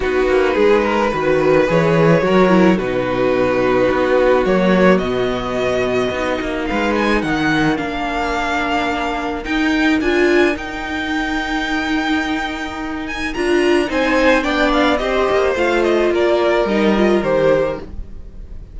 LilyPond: <<
  \new Staff \with { instrumentName = "violin" } { \time 4/4 \tempo 4 = 108 b'2. cis''4~ | cis''4 b'2. | cis''4 dis''2. | f''8 gis''8 fis''4 f''2~ |
f''4 g''4 gis''4 g''4~ | g''2.~ g''8 gis''8 | ais''4 gis''4 g''8 f''8 dis''4 | f''8 dis''8 d''4 dis''4 c''4 | }
  \new Staff \with { instrumentName = "violin" } { \time 4/4 fis'4 gis'8 ais'8 b'2 | ais'4 fis'2.~ | fis'1 | b'4 ais'2.~ |
ais'1~ | ais'1~ | ais'4 c''4 d''4 c''4~ | c''4 ais'2. | }
  \new Staff \with { instrumentName = "viola" } { \time 4/4 dis'2 fis'4 gis'4 | fis'8 e'8 dis'2. | ais4 b2 dis'4~ | dis'2 d'2~ |
d'4 dis'4 f'4 dis'4~ | dis'1 | f'4 dis'4 d'4 g'4 | f'2 dis'8 f'8 g'4 | }
  \new Staff \with { instrumentName = "cello" } { \time 4/4 b8 ais8 gis4 dis4 e4 | fis4 b,2 b4 | fis4 b,2 b8 ais8 | gis4 dis4 ais2~ |
ais4 dis'4 d'4 dis'4~ | dis'1 | d'4 c'4 b4 c'8 ais8 | a4 ais4 g4 dis4 | }
>>